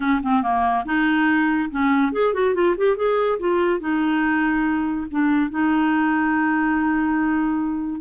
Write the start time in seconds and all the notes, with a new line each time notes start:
0.00 C#4
0.22 C4
0.42 A#3
0.85 D#4
1.70 C#4
2.12 G#4
2.33 F#4
2.54 F4
2.77 G4
2.96 G#4
3.39 F4
3.80 D#4
5.10 D4
5.50 D#4